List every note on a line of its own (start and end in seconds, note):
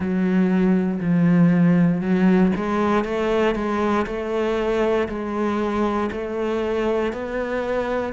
0.00 1.00 F#3
1.00 2.01 F3
2.01 2.51 F#3
2.56 3.04 G#3
3.04 3.55 A3
3.55 4.06 G#3
4.06 5.08 A3
5.08 6.10 G#3
6.11 7.12 A3
7.12 8.13 B3